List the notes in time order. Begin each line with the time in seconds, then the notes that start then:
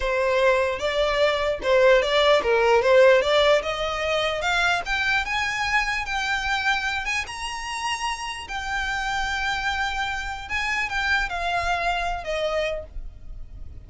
0.00 C5
0.79 D5
1.62 C5
2.01 D5
2.42 A#4
2.82 C5
3.21 D5
3.62 D#5
4.41 F5
4.85 G5
5.25 G#5
6.05 G5
7.05 G#5
7.26 A#5
8.48 G5
10.48 G#5
10.89 G5
11.29 F5
12.24 D#5